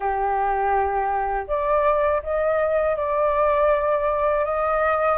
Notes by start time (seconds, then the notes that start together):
0.00 G4
1.47 D5
2.23 D#5
2.96 D5
4.44 D#5